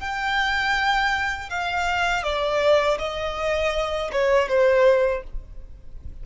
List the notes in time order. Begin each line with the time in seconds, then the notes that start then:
0.00 G5
1.50 F5
2.23 D5
2.99 D#5
4.12 C#5
4.49 C5